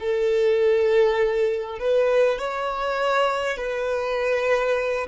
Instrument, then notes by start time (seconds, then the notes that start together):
violin
0.00 A4
1.79 B4
2.39 C#5
3.58 B4